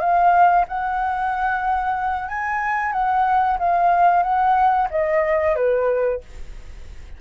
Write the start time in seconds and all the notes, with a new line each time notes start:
0.00 F5
0.68 F#5
2.29 G#5
2.93 F#5
3.59 F5
4.23 F#5
4.91 D#5
5.56 B4